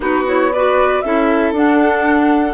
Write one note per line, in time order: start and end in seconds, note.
0.00 1.02 B3
0.00 0.24 D#4
0.00 0.52 F#4
0.00 0.26 B4
0.26 0.51 E4
0.26 0.53 C#5
0.52 1.04 F#4
0.52 1.04 B4
0.52 1.01 D5
1.01 1.51 C#4
1.01 1.54 E4
1.01 2.54 A4
1.01 1.52 E5
1.51 2.54 D4
1.51 2.54 F#5